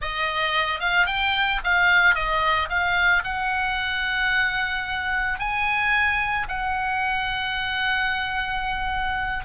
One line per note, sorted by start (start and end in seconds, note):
0.01 0.80 D#5
0.80 1.06 F5
1.06 1.60 G5
1.64 2.14 F5
2.14 2.69 D#5
2.69 3.23 F5
3.24 5.39 F#5
5.39 6.47 G#5
6.48 9.44 F#5